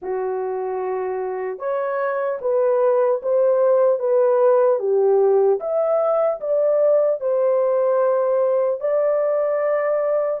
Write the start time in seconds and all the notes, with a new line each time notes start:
0.01 F#4
1.58 C#5
2.41 B4
3.22 C5
3.99 B4
4.79 G4
5.60 E5
6.40 D5
7.20 C5
8.80 D5